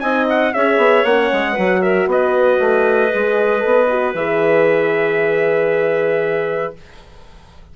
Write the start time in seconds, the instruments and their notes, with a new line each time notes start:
0.00 bassoon C4, horn D#4, clarinet D#5, trumpet G#5
0.30 trumpet F#5
0.54 bassoon C#4, horn G#4, clarinet C#5, trumpet E5
0.78 bassoon B3
1.05 bassoon A#3, horn C#4, trumpet F#5
1.33 bassoon G#3
1.53 bassoon F#3, horn F#4, clarinet B4
1.82 clarinet A#4, trumpet E5
2.07 bassoon B3, clarinet B4, trumpet D#5
2.60 bassoon A3
3.11 bassoon G#3, horn G#4
3.60 bassoon B3, horn A4
3.90 horn F#4
4.15 bassoon E3, horn G#4, trumpet E5